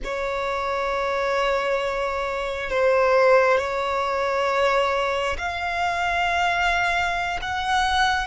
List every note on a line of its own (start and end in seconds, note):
0.04 2.69 C#5
2.69 3.57 C5
3.57 5.36 C#5
5.38 7.39 F5
7.41 8.27 F#5